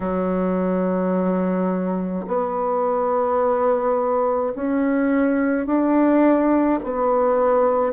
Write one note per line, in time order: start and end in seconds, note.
0.00 2.26 F#3
2.26 4.53 B3
4.55 5.66 C#4
5.66 6.79 D4
6.83 7.92 B3